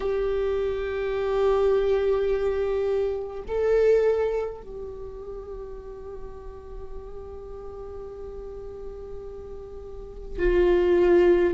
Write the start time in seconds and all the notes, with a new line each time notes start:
0.00 G4
3.48 A4
4.62 G4
10.38 F4